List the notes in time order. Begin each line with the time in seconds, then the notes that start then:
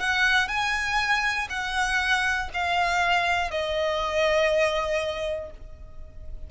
0.00 F#5
0.48 G#5
1.50 F#5
2.54 F5
3.50 D#5